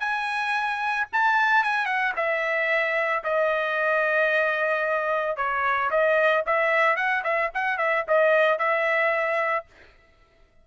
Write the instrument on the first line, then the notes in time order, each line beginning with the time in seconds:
trumpet
0.00 G#5
1.13 A5
1.64 G#5
1.86 F#5
2.16 E5
3.24 D#5
5.37 C#5
5.91 D#5
6.47 E5
6.97 F#5
7.24 E5
7.55 F#5
7.78 E5
8.08 D#5
8.59 E5